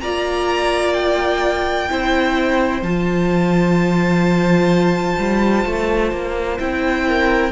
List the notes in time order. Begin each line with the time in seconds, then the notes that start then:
0.00 A#3 F4 D5 A#5
0.93 G5
1.88 C4 E4 C5
2.82 F3 F4 A5
5.18 G3
5.65 A3
6.12 A#3
6.58 C4 E4 G5
7.07 A#4